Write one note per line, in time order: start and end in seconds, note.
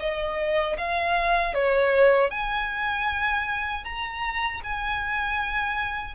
0.00 0.77 D#5
0.78 1.55 F5
1.55 2.31 C#5
2.31 3.85 G#5
3.85 4.62 A#5
4.64 6.15 G#5